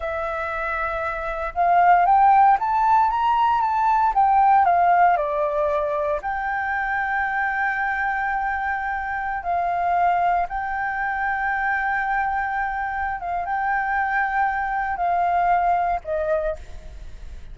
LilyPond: \new Staff \with { instrumentName = "flute" } { \time 4/4 \tempo 4 = 116 e''2. f''4 | g''4 a''4 ais''4 a''4 | g''4 f''4 d''2 | g''1~ |
g''2~ g''16 f''4.~ f''16~ | f''16 g''2.~ g''8.~ | g''4. f''8 g''2~ | g''4 f''2 dis''4 | }